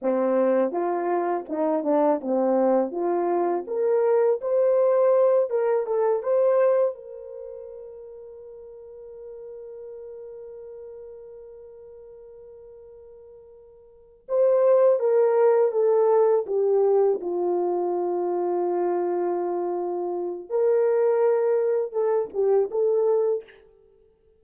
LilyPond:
\new Staff \with { instrumentName = "horn" } { \time 4/4 \tempo 4 = 82 c'4 f'4 dis'8 d'8 c'4 | f'4 ais'4 c''4. ais'8 | a'8 c''4 ais'2~ ais'8~ | ais'1~ |
ais'2.~ ais'8 c''8~ | c''8 ais'4 a'4 g'4 f'8~ | f'1 | ais'2 a'8 g'8 a'4 | }